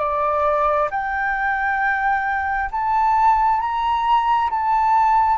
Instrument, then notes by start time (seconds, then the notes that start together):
flute
0.00 D5
0.91 G5
2.72 A5
3.61 A#5
4.51 A5